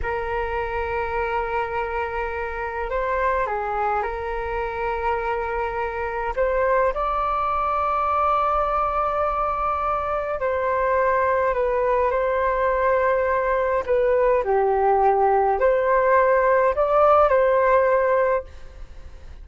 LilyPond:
\new Staff \with { instrumentName = "flute" } { \time 4/4 \tempo 4 = 104 ais'1~ | ais'4 c''4 gis'4 ais'4~ | ais'2. c''4 | d''1~ |
d''2 c''2 | b'4 c''2. | b'4 g'2 c''4~ | c''4 d''4 c''2 | }